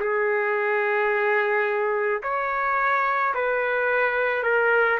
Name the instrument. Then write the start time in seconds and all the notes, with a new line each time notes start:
trumpet
0.00 G#4
2.23 C#5
3.34 B4
4.43 A#4